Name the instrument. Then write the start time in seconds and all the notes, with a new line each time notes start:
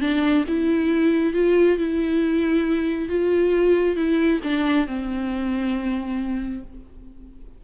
viola
0.00 D4
0.47 E4
1.33 F4
1.77 E4
3.08 F4
3.95 E4
4.43 D4
4.86 C4